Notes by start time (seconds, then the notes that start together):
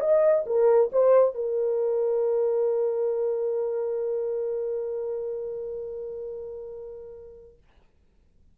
0.00 D#5
0.46 A#4
0.92 C5
1.35 A#4